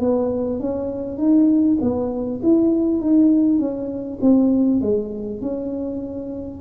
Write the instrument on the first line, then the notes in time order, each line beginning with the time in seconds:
tuba
0.00 B3
0.59 C#4
1.18 D#4
1.81 B3
2.43 E4
3.01 D#4
3.59 C#4
4.22 C4
4.82 G#3
5.42 C#4